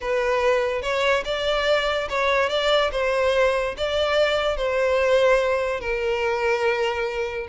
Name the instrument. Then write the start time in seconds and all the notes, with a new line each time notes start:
violin
0.00 B4
0.82 C#5
1.25 D5
2.09 C#5
2.49 D5
2.91 C5
3.77 D5
4.57 C5
5.80 A#4